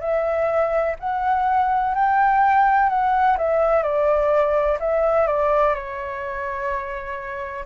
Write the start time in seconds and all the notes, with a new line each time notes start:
0.00 E5
0.99 F#5
1.94 G5
2.89 F#5
3.38 E5
3.83 D5
4.80 E5
5.27 D5
5.74 C#5